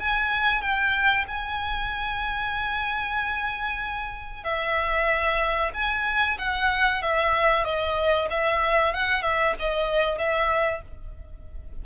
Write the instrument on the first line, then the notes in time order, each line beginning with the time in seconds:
violin
0.00 G#5
0.61 G5
1.28 G#5
4.44 E5
5.74 G#5
6.38 F#5
7.02 E5
7.65 D#5
8.30 E5
8.94 F#5
9.22 E5
9.59 D#5
10.18 E5